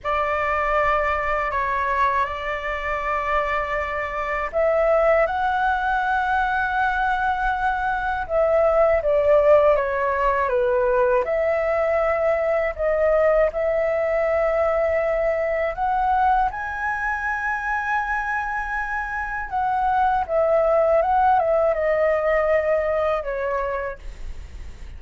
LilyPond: \new Staff \with { instrumentName = "flute" } { \time 4/4 \tempo 4 = 80 d''2 cis''4 d''4~ | d''2 e''4 fis''4~ | fis''2. e''4 | d''4 cis''4 b'4 e''4~ |
e''4 dis''4 e''2~ | e''4 fis''4 gis''2~ | gis''2 fis''4 e''4 | fis''8 e''8 dis''2 cis''4 | }